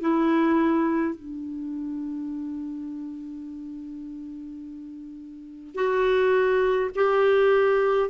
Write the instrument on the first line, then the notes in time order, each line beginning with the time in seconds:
clarinet
0.00 E4
1.15 D4
5.75 F#4
6.95 G4